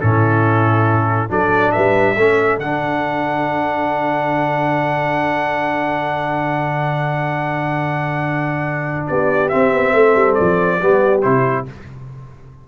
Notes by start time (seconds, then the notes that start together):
0.00 A2 C#4 E4 A4
1.29 F#3 D4 A4 D5
1.71 G3 B4 E5
2.16 A3 C#4 A4
2.58 D3 D4 F#5
9.07 B3 G4 D5
9.48 C4 E5
9.72 B3
9.92 A3 A4
10.15 G3
10.34 D5
10.40 F3
10.79 G3 B3 G4
11.22 C3 E4 C5